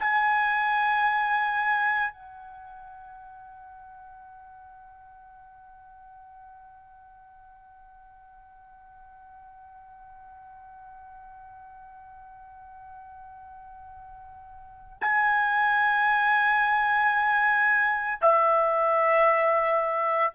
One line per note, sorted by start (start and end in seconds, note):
0.00 2.12 G#5
2.12 14.98 F#5
15.01 18.21 G#5
18.21 20.35 E5